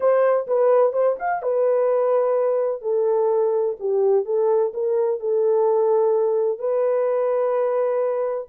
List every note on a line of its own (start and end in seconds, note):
0.00 0.46 C5
0.47 0.92 B4
0.92 1.16 C5
1.19 1.42 F5
1.42 2.81 B4
2.81 3.76 A4
3.79 4.25 G4
4.25 4.72 A4
4.73 5.20 A#4
5.20 6.58 A4
6.58 8.47 B4